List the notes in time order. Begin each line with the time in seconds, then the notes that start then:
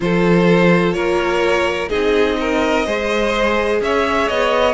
0.00 F3 F4 A4 C5
0.93 A#3 A#4 C#5
1.89 C4 D#4 G#4 D#5
2.40 A#4
2.86 G#3 G#4 C5
3.81 C#4 C#5 E5
4.28 B3 D#5